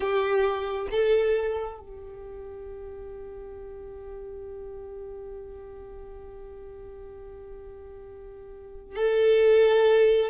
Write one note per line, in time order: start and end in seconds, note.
0.00 0.88 G4
0.90 1.79 A4
1.79 8.95 G4
8.95 10.30 A4